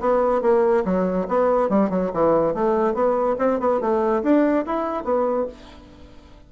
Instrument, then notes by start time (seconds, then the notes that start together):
bassoon
0.00 B3
0.42 A#3
0.85 F#3
1.28 B3
1.69 G3
1.90 F#3
2.13 E3
2.54 A3
2.94 B3
3.39 C4
3.60 B3
3.80 A3
4.23 D4
4.66 E4
5.04 B3